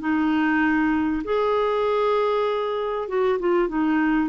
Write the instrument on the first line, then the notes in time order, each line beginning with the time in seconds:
clarinet
0.00 D#4
1.24 G#4
3.08 F#4
3.39 F4
3.68 D#4